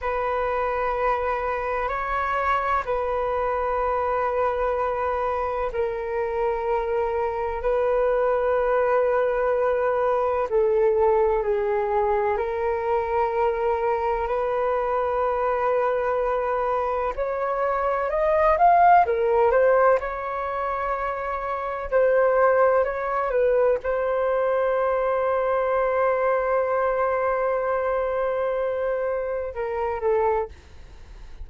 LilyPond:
\new Staff \with { instrumentName = "flute" } { \time 4/4 \tempo 4 = 63 b'2 cis''4 b'4~ | b'2 ais'2 | b'2. a'4 | gis'4 ais'2 b'4~ |
b'2 cis''4 dis''8 f''8 | ais'8 c''8 cis''2 c''4 | cis''8 b'8 c''2.~ | c''2. ais'8 a'8 | }